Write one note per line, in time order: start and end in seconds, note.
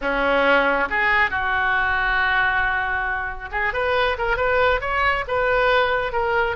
0.01 0.88 C#4
0.89 1.30 G#4
1.30 3.49 F#4
3.51 3.73 G#4
3.73 4.17 B4
4.17 4.37 A#4
4.37 4.80 B4
4.81 5.24 C#5
5.27 6.12 B4
6.12 6.56 A#4